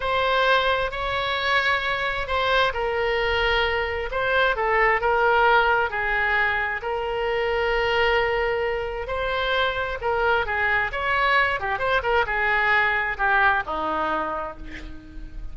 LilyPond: \new Staff \with { instrumentName = "oboe" } { \time 4/4 \tempo 4 = 132 c''2 cis''2~ | cis''4 c''4 ais'2~ | ais'4 c''4 a'4 ais'4~ | ais'4 gis'2 ais'4~ |
ais'1 | c''2 ais'4 gis'4 | cis''4. g'8 c''8 ais'8 gis'4~ | gis'4 g'4 dis'2 | }